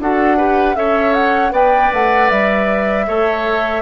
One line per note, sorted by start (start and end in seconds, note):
0.00 0.76 D4
0.00 0.38 F#4
0.00 0.37 A4
0.00 0.76 F#5
0.37 0.76 G4
0.37 0.76 B4
0.76 1.52 C#4
0.76 1.51 A4
0.76 1.53 C#5
0.76 1.14 E5
1.14 1.53 F#5
1.51 1.91 B3
1.51 3.05 B4
1.51 3.07 D5
1.51 1.93 G5
1.93 2.31 A3
1.93 2.30 F#5
2.30 3.08 G3
2.30 3.83 E5
3.07 3.83 A3
3.07 3.83 A4
3.07 3.83 C#5